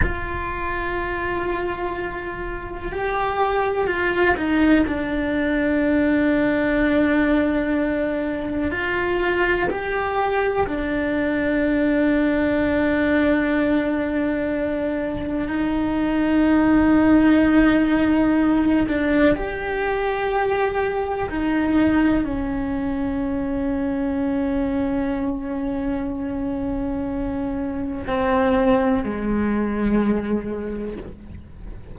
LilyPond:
\new Staff \with { instrumentName = "cello" } { \time 4/4 \tempo 4 = 62 f'2. g'4 | f'8 dis'8 d'2.~ | d'4 f'4 g'4 d'4~ | d'1 |
dis'2.~ dis'8 d'8 | g'2 dis'4 cis'4~ | cis'1~ | cis'4 c'4 gis2 | }